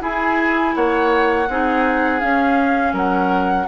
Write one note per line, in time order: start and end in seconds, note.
0.00 1.46 E4
0.00 0.75 E4
0.00 0.75 G#4
0.00 0.76 G#5
0.76 1.49 A#3
0.76 1.49 C#5
0.76 2.21 F#5
1.49 2.22 C4
1.49 2.21 D#4
1.49 2.93 G#4
2.21 3.67 C#4
2.21 2.93 C#4
2.21 2.94 F5
2.93 3.66 F#3
2.93 3.66 A#4
2.93 3.68 F#5